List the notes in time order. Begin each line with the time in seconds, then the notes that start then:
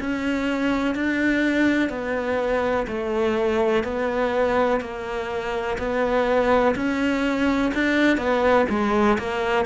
0.00 C#4
0.95 D4
1.90 B3
2.88 A3
3.84 B3
4.81 A#3
5.78 B3
6.76 C#4
7.75 D4
8.18 B3
8.70 G#3
9.19 A#3